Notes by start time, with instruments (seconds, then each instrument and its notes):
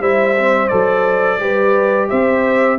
0.00 tuba G3, trombone E4, horn C5, trumpet E5
0.38 trombone C4
0.68 tuba F#3, trombone A4, trumpet D5
1.39 tuba G3, trombone G4, horn B4
2.09 tuba C4, horn C5, trumpet E5